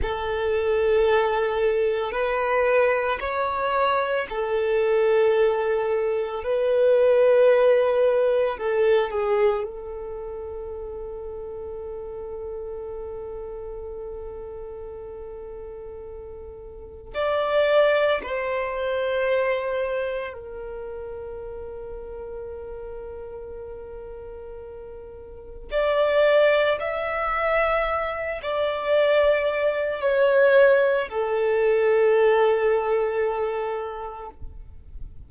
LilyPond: \new Staff \with { instrumentName = "violin" } { \time 4/4 \tempo 4 = 56 a'2 b'4 cis''4 | a'2 b'2 | a'8 gis'8 a'2.~ | a'1 |
d''4 c''2 ais'4~ | ais'1 | d''4 e''4. d''4. | cis''4 a'2. | }